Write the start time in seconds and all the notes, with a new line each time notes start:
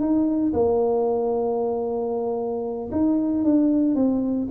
0.00 D#4
0.53 A#3
2.91 D#4
3.44 D4
3.95 C4